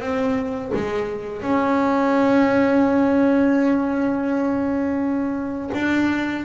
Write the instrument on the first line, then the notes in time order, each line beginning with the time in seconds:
double bass
0.00 C4
0.74 G#3
1.42 C#4
5.74 D4